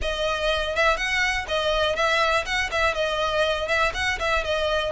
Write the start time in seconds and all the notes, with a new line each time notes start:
0.01 D#5
0.75 E5
0.96 F#5
1.48 D#5
1.95 E5
2.45 F#5
2.71 E5
2.94 D#5
3.68 E5
3.94 F#5
4.19 E5
4.44 D#5